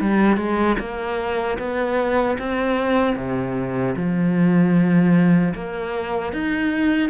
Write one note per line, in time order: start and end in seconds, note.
0.00 0.37 G3
0.37 0.76 G#3
0.79 1.58 A#3
1.58 2.37 B3
2.39 3.16 C4
3.16 3.95 C3
3.96 5.54 F3
5.54 6.33 A#3
6.33 7.09 D#4